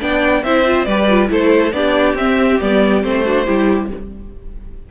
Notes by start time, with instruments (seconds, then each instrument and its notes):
0.00 cello B3, viola D4, violin D5 G5
0.43 cello C4, viola E4, violin C5 E5
0.66 viola F4
0.85 cello G3, viola G4, violin B4 D5
1.10 viola F4
1.29 cello A3, viola E4, violin A4 C5
1.72 cello B3, viola D4, violin G4 D5
2.14 cello C4, viola C4, violin E5
2.61 cello G3, viola B3, violin D5
3.03 cello A3, viola C4, violin C5
3.25 viola D4, violin F#4
3.46 cello G3, viola E4, violin G4